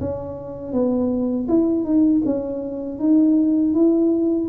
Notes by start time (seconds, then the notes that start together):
0.00 C#4
0.73 B3
1.48 E4
1.84 D#4
2.25 C#4
2.99 D#4
3.74 E4